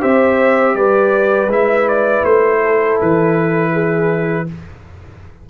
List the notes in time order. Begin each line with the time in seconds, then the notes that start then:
0.00 C4 G4 C5 E5
0.74 G3 B4 D5
1.47 G#3 E4 E5
1.88 D5
2.24 A3 C5
2.62 A4
3.01 E3 B4
3.72 G#4